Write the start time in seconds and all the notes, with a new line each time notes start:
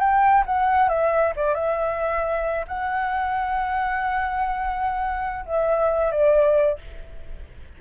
0.00 G5
0.46 F#5
0.89 E5
1.37 D5
1.55 E5
2.68 F#5
5.46 E5
6.12 D5